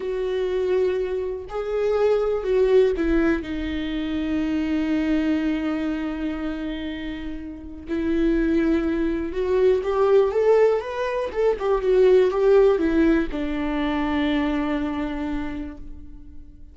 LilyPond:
\new Staff \with { instrumentName = "viola" } { \time 4/4 \tempo 4 = 122 fis'2. gis'4~ | gis'4 fis'4 e'4 dis'4~ | dis'1~ | dis'1 |
e'2. fis'4 | g'4 a'4 b'4 a'8 g'8 | fis'4 g'4 e'4 d'4~ | d'1 | }